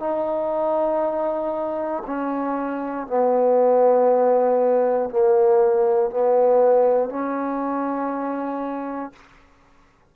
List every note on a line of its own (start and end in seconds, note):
0.00 2.03 D#4
2.07 3.07 C#4
3.07 5.10 B3
5.10 6.11 A#3
6.11 7.10 B3
7.10 9.13 C#4